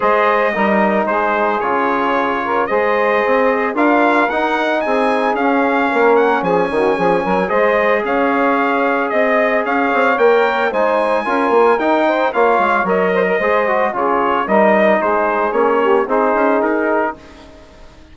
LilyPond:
<<
  \new Staff \with { instrumentName = "trumpet" } { \time 4/4 \tempo 4 = 112 dis''2 c''4 cis''4~ | cis''4 dis''2 f''4 | fis''4 gis''4 f''4. fis''8 | gis''2 dis''4 f''4~ |
f''4 dis''4 f''4 g''4 | gis''2 g''4 f''4 | dis''2 cis''4 dis''4 | c''4 cis''4 c''4 ais'4 | }
  \new Staff \with { instrumentName = "saxophone" } { \time 4/4 c''4 ais'4 gis'2~ | gis'8 ais'8 c''2 ais'4~ | ais'4 gis'2 ais'4 | gis'8 fis'8 gis'8 ais'8 c''4 cis''4~ |
cis''4 dis''4 cis''2 | c''4 ais'4. c''8 cis''4~ | cis''8 c''16 ais'16 c''4 gis'4 ais'4 | gis'4. g'8 gis'2 | }
  \new Staff \with { instrumentName = "trombone" } { \time 4/4 gis'4 dis'2 f'4~ | f'4 gis'2 f'4 | dis'2 cis'2~ | cis'2 gis'2~ |
gis'2. ais'4 | dis'4 f'4 dis'4 f'4 | ais'4 gis'8 fis'8 f'4 dis'4~ | dis'4 cis'4 dis'2 | }
  \new Staff \with { instrumentName = "bassoon" } { \time 4/4 gis4 g4 gis4 cis4~ | cis4 gis4 c'4 d'4 | dis'4 c'4 cis'4 ais4 | f8 dis8 f8 fis8 gis4 cis'4~ |
cis'4 c'4 cis'8 c'8 ais4 | gis4 cis'8 ais8 dis'4 ais8 gis8 | fis4 gis4 cis4 g4 | gis4 ais4 c'8 cis'8 dis'4 | }
>>